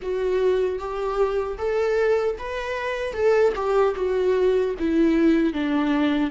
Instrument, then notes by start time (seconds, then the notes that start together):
viola
0.02 F#4
0.78 G4
1.58 A4
2.38 B4
3.13 A4
3.55 G4
3.95 F#4
4.79 E4
5.53 D4